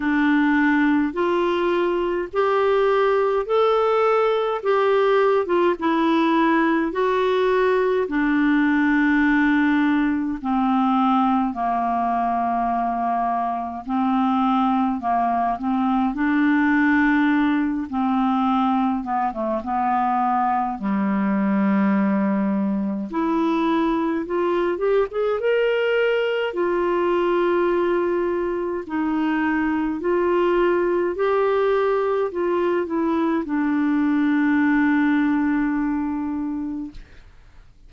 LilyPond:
\new Staff \with { instrumentName = "clarinet" } { \time 4/4 \tempo 4 = 52 d'4 f'4 g'4 a'4 | g'8. f'16 e'4 fis'4 d'4~ | d'4 c'4 ais2 | c'4 ais8 c'8 d'4. c'8~ |
c'8 b16 a16 b4 g2 | e'4 f'8 g'16 gis'16 ais'4 f'4~ | f'4 dis'4 f'4 g'4 | f'8 e'8 d'2. | }